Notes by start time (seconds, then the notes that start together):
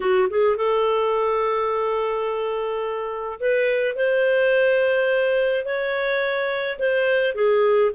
0.00 F#4
0.30 G#4
0.56 A4
3.40 B4
3.95 C5
5.65 C#5
6.78 C5
7.34 G#4